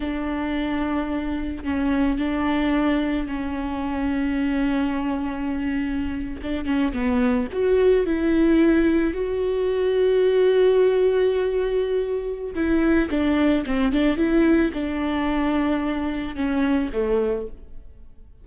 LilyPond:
\new Staff \with { instrumentName = "viola" } { \time 4/4 \tempo 4 = 110 d'2. cis'4 | d'2 cis'2~ | cis'2.~ cis'8. d'16~ | d'16 cis'8 b4 fis'4 e'4~ e'16~ |
e'8. fis'2.~ fis'16~ | fis'2. e'4 | d'4 c'8 d'8 e'4 d'4~ | d'2 cis'4 a4 | }